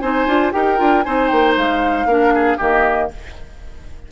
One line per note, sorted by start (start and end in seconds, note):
0.00 0.27 C4
0.00 0.28 D#4
0.00 0.53 C5
0.00 0.51 G#5
0.27 0.53 D4
0.27 0.53 F4
0.53 0.80 D#4
0.53 0.78 G4
0.53 1.05 A#4
0.53 1.03 G5
0.78 1.06 D4
0.78 1.04 F4
1.03 1.32 C4
1.03 2.09 D#4
1.03 2.08 C5
1.03 1.28 G#5
1.28 1.57 A#3
1.28 1.54 G5
1.57 2.06 G#3
1.57 2.60 F5
2.06 2.57 A#3
2.06 2.59 D4
2.06 2.34 A#4
2.34 2.58 G#4
2.58 3.12 D#3
2.58 3.10 A#3
2.58 3.09 G4
2.58 3.11 D#5